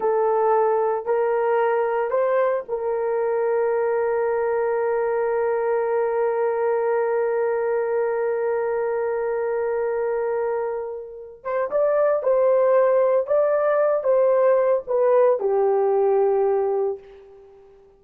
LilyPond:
\new Staff \with { instrumentName = "horn" } { \time 4/4 \tempo 4 = 113 a'2 ais'2 | c''4 ais'2.~ | ais'1~ | ais'1~ |
ais'1~ | ais'4. c''8 d''4 c''4~ | c''4 d''4. c''4. | b'4 g'2. | }